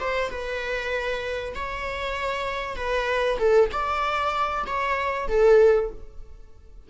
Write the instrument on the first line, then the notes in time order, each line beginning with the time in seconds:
viola
0.00 C5
0.30 B4
1.55 C#5
2.76 B4
3.39 A4
3.72 D5
4.66 C#5
5.28 A4